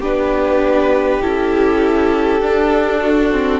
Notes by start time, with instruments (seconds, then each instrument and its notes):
0.00 cello B3, viola D4, violin G4 B4
1.22 cello C#4, viola E4, violin A4
2.41 cello D4, viola D4
3.00 violin F#4
3.31 viola C4